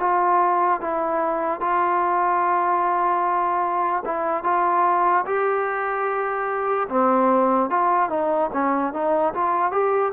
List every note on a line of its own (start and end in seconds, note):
0.00 0.81 F4
0.81 1.60 E4
1.60 4.04 F4
4.05 4.44 E4
4.44 5.25 F4
5.26 6.88 G4
6.89 7.70 C4
7.70 8.10 F4
8.10 8.50 D#4
8.53 8.93 C#4
8.93 9.34 D#4
9.34 9.71 F4
9.71 10.12 G4